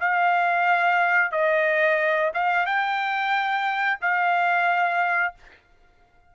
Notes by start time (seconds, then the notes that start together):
0.00 F5
1.32 D#5
2.34 F5
2.66 G5
4.01 F5